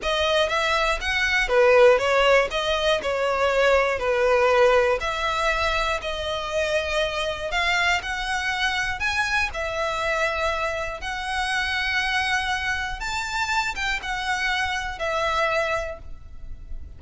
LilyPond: \new Staff \with { instrumentName = "violin" } { \time 4/4 \tempo 4 = 120 dis''4 e''4 fis''4 b'4 | cis''4 dis''4 cis''2 | b'2 e''2 | dis''2. f''4 |
fis''2 gis''4 e''4~ | e''2 fis''2~ | fis''2 a''4. g''8 | fis''2 e''2 | }